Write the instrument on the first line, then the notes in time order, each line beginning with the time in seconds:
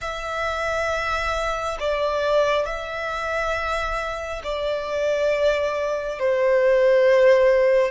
violin
0.01 E5
1.79 D5
2.65 E5
4.44 D5
6.19 C5